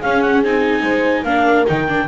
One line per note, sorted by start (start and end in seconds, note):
0.00 0.44 C#4
0.00 0.45 C#4
0.00 0.82 G#4
0.00 0.22 F5
0.22 0.42 F#5
0.44 0.82 C4
0.44 1.26 D#4
0.44 1.24 G#5
0.82 1.24 G#3
0.82 1.24 C5
1.24 1.65 A#3
1.24 1.67 D4
1.24 2.07 A#4
1.24 1.65 F5
1.67 2.09 D#3
1.67 1.88 D#4
1.67 2.09 G5
1.88 2.09 D4